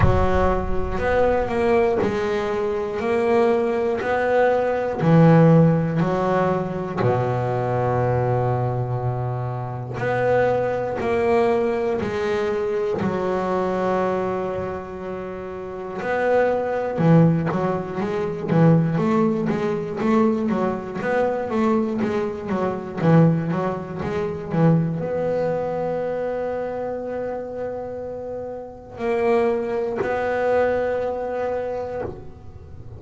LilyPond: \new Staff \with { instrumentName = "double bass" } { \time 4/4 \tempo 4 = 60 fis4 b8 ais8 gis4 ais4 | b4 e4 fis4 b,4~ | b,2 b4 ais4 | gis4 fis2. |
b4 e8 fis8 gis8 e8 a8 gis8 | a8 fis8 b8 a8 gis8 fis8 e8 fis8 | gis8 e8 b2.~ | b4 ais4 b2 | }